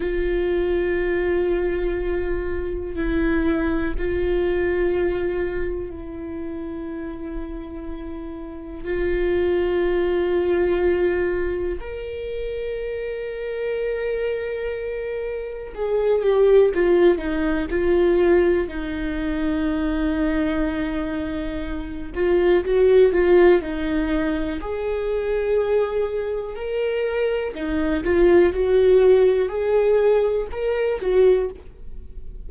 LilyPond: \new Staff \with { instrumentName = "viola" } { \time 4/4 \tempo 4 = 61 f'2. e'4 | f'2 e'2~ | e'4 f'2. | ais'1 |
gis'8 g'8 f'8 dis'8 f'4 dis'4~ | dis'2~ dis'8 f'8 fis'8 f'8 | dis'4 gis'2 ais'4 | dis'8 f'8 fis'4 gis'4 ais'8 fis'8 | }